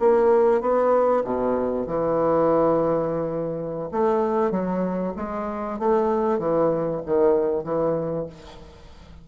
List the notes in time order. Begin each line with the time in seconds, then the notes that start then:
0.00 A#3
0.61 B3
1.25 B2
1.87 E3
3.92 A3
4.51 F#3
5.17 G#3
5.80 A3
6.39 E3
7.06 D#3
7.64 E3